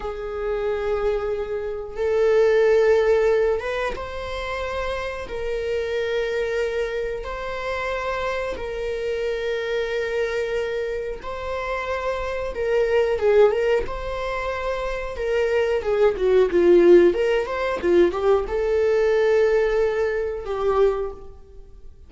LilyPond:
\new Staff \with { instrumentName = "viola" } { \time 4/4 \tempo 4 = 91 gis'2. a'4~ | a'4. b'8 c''2 | ais'2. c''4~ | c''4 ais'2.~ |
ais'4 c''2 ais'4 | gis'8 ais'8 c''2 ais'4 | gis'8 fis'8 f'4 ais'8 c''8 f'8 g'8 | a'2. g'4 | }